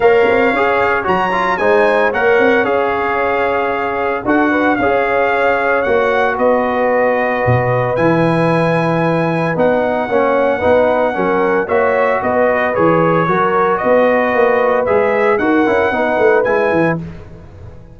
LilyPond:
<<
  \new Staff \with { instrumentName = "trumpet" } { \time 4/4 \tempo 4 = 113 f''2 ais''4 gis''4 | fis''4 f''2. | fis''4 f''2 fis''4 | dis''2. gis''4~ |
gis''2 fis''2~ | fis''2 e''4 dis''4 | cis''2 dis''2 | e''4 fis''2 gis''4 | }
  \new Staff \with { instrumentName = "horn" } { \time 4/4 cis''2. c''4 | cis''1 | a'8 b'8 cis''2. | b'1~ |
b'2. cis''4 | b'4 ais'4 cis''4 b'4~ | b'4 ais'4 b'2~ | b'4 ais'4 b'2 | }
  \new Staff \with { instrumentName = "trombone" } { \time 4/4 ais'4 gis'4 fis'8 f'8 dis'4 | ais'4 gis'2. | fis'4 gis'2 fis'4~ | fis'2. e'4~ |
e'2 dis'4 cis'4 | dis'4 cis'4 fis'2 | gis'4 fis'2. | gis'4 fis'8 e'8 dis'4 e'4 | }
  \new Staff \with { instrumentName = "tuba" } { \time 4/4 ais8 c'8 cis'4 fis4 gis4 | ais8 c'8 cis'2. | d'4 cis'2 ais4 | b2 b,4 e4~ |
e2 b4 ais4 | b4 fis4 ais4 b4 | e4 fis4 b4 ais4 | gis4 dis'8 cis'8 b8 a8 gis8 e8 | }
>>